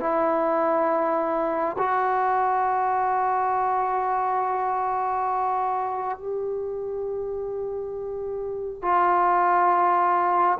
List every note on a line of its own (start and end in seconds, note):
0.00 1.76 E4
1.78 6.18 F#4
6.18 8.82 G4
8.82 10.58 F4